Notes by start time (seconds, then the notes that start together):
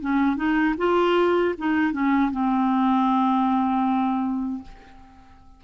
0.00 C#4
0.36 D#4
0.77 F4
1.58 D#4
1.92 C#4
2.31 C4